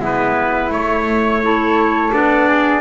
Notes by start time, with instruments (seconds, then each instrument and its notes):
0.00 double bass G#3, clarinet B3, flute E4, trumpet B4
0.70 double bass A3, clarinet A3, trumpet C#5
1.43 clarinet E4, flute A4
2.12 double bass B3, clarinet D4, trumpet D5
2.48 flute G#4